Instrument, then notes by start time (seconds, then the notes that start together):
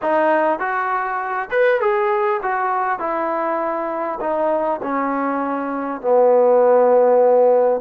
trombone
0.02 D#4
0.59 F#4
1.50 B4
1.80 G#4
2.42 F#4
2.99 E4
4.20 D#4
4.82 C#4
6.01 B3